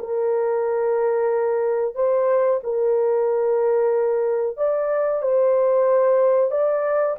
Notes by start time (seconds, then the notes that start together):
0.00 A#4
1.95 C5
2.64 A#4
4.57 D5
5.23 C5
6.51 D5